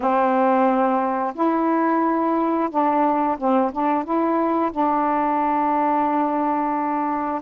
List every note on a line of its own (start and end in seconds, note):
0.00 1.33 C4
1.35 2.69 E4
2.70 3.37 D4
3.38 3.71 C4
3.72 4.04 D4
4.04 4.71 E4
4.71 7.41 D4